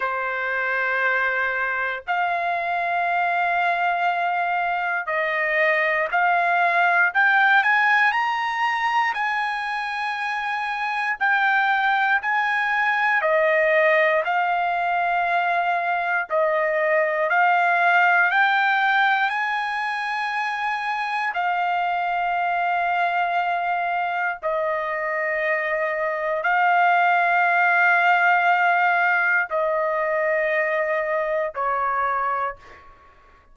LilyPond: \new Staff \with { instrumentName = "trumpet" } { \time 4/4 \tempo 4 = 59 c''2 f''2~ | f''4 dis''4 f''4 g''8 gis''8 | ais''4 gis''2 g''4 | gis''4 dis''4 f''2 |
dis''4 f''4 g''4 gis''4~ | gis''4 f''2. | dis''2 f''2~ | f''4 dis''2 cis''4 | }